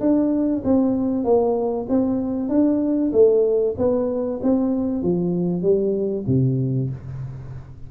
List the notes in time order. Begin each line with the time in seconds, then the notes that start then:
0.00 D4
0.64 C4
1.24 A#3
1.89 C4
2.49 D4
3.12 A3
3.78 B3
4.42 C4
5.02 F3
5.62 G3
6.27 C3